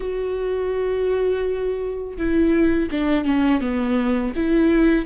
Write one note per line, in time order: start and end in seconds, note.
0.00 2.17 F#4
2.17 2.89 E4
2.91 3.24 D4
3.24 3.60 C#4
3.60 4.33 B3
4.35 5.05 E4